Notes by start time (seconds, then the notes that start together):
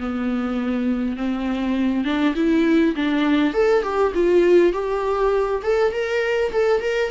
0.00 B3
1.17 C4
2.05 D4
2.36 E4
2.96 D4
3.54 A4
3.83 G4
4.15 F4
4.73 G4
5.63 A4
5.92 A#4
6.52 A4
6.81 A#4